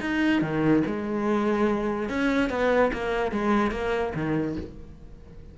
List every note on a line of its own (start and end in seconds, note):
0.00 0.41 D#4
0.41 0.83 D#3
0.86 2.09 G#3
2.09 2.49 C#4
2.49 2.91 B3
2.92 3.31 A#3
3.31 3.71 G#3
3.71 4.12 A#3
4.15 4.56 D#3